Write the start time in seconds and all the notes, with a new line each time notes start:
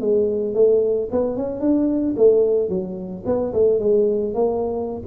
0.00 G#3
0.54 A3
1.11 B3
1.37 C#4
1.60 D4
2.17 A3
2.69 F#3
3.26 B3
3.53 A3
3.80 G#3
4.34 A#3